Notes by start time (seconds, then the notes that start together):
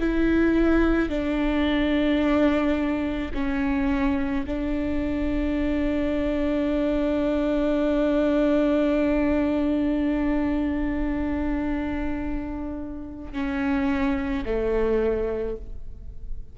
0.00 E4
1.09 D4
3.34 C#4
4.46 D4
13.33 C#4
14.45 A3